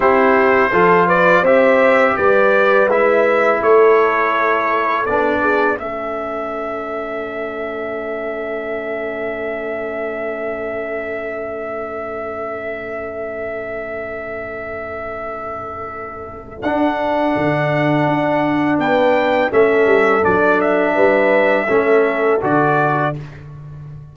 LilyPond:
<<
  \new Staff \with { instrumentName = "trumpet" } { \time 4/4 \tempo 4 = 83 c''4. d''8 e''4 d''4 | e''4 cis''2 d''4 | e''1~ | e''1~ |
e''1~ | e''2. fis''4~ | fis''2 g''4 e''4 | d''8 e''2~ e''8 d''4 | }
  \new Staff \with { instrumentName = "horn" } { \time 4/4 g'4 a'8 b'8 c''4 b'4~ | b'4 a'2~ a'8 gis'8 | a'1~ | a'1~ |
a'1~ | a'1~ | a'2 b'4 a'4~ | a'4 b'4 a'2 | }
  \new Staff \with { instrumentName = "trombone" } { \time 4/4 e'4 f'4 g'2 | e'2. d'4 | cis'1~ | cis'1~ |
cis'1~ | cis'2. d'4~ | d'2. cis'4 | d'2 cis'4 fis'4 | }
  \new Staff \with { instrumentName = "tuba" } { \time 4/4 c'4 f4 c'4 g4 | gis4 a2 b4 | a1~ | a1~ |
a1~ | a2. d'4 | d4 d'4 b4 a8 g8 | fis4 g4 a4 d4 | }
>>